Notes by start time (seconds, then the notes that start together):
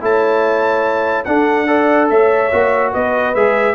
0.00 A3 E4 C#5 A5
1.24 D4 A4 F#5
1.67 A4 D5
2.09 A3 C#5 E5
2.51 A#3 F#4
2.91 B3 B4 D#5
3.34 G#3 G#4 E5